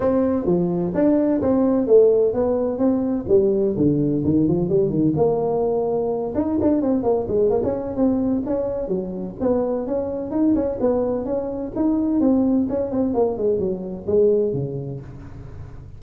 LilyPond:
\new Staff \with { instrumentName = "tuba" } { \time 4/4 \tempo 4 = 128 c'4 f4 d'4 c'4 | a4 b4 c'4 g4 | d4 dis8 f8 g8 dis8 ais4~ | ais4. dis'8 d'8 c'8 ais8 gis8 |
ais16 cis'8. c'4 cis'4 fis4 | b4 cis'4 dis'8 cis'8 b4 | cis'4 dis'4 c'4 cis'8 c'8 | ais8 gis8 fis4 gis4 cis4 | }